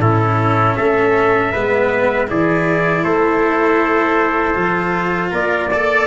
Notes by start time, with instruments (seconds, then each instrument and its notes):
0.00 tuba A2, cello C#4, trumpet E4 A4
0.76 tuba A3, trumpet A4 E5
1.53 tuba G#3, cello B3, trumpet B4
2.28 tuba E3, cello E4, trumpet G#4 D5
3.04 tuba A3, trumpet A4 C5
4.55 tuba F3, cello F4
5.31 tuba A#3, trumpet A#4 D5
5.70 cello A4, trumpet D5